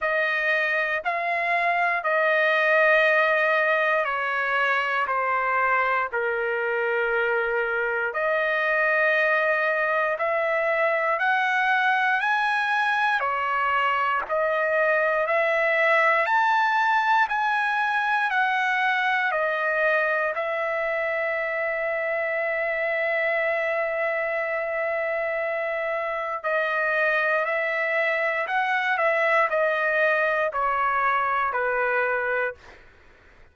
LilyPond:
\new Staff \with { instrumentName = "trumpet" } { \time 4/4 \tempo 4 = 59 dis''4 f''4 dis''2 | cis''4 c''4 ais'2 | dis''2 e''4 fis''4 | gis''4 cis''4 dis''4 e''4 |
a''4 gis''4 fis''4 dis''4 | e''1~ | e''2 dis''4 e''4 | fis''8 e''8 dis''4 cis''4 b'4 | }